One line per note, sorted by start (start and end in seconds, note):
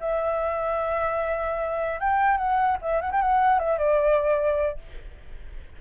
0.00 2.00 E5
2.00 2.37 G5
2.37 2.77 F#5
2.81 3.01 E5
3.01 3.11 F#5
3.11 3.21 G5
3.21 3.59 F#5
3.59 3.78 E5
3.78 4.78 D5